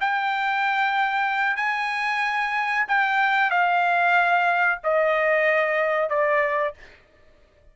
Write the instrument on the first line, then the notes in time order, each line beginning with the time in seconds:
trumpet
0.00 G5
1.56 G#5
2.87 G5
3.50 F5
4.83 D#5
6.09 D5